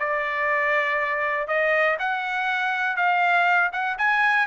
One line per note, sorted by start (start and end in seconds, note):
0.00 1.48 D5
1.48 1.97 D#5
1.99 2.97 F#5
2.97 3.71 F5
3.73 3.97 F#5
3.98 4.47 G#5